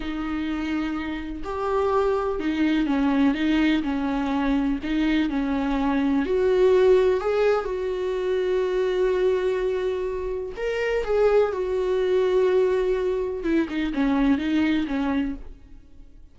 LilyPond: \new Staff \with { instrumentName = "viola" } { \time 4/4 \tempo 4 = 125 dis'2. g'4~ | g'4 dis'4 cis'4 dis'4 | cis'2 dis'4 cis'4~ | cis'4 fis'2 gis'4 |
fis'1~ | fis'2 ais'4 gis'4 | fis'1 | e'8 dis'8 cis'4 dis'4 cis'4 | }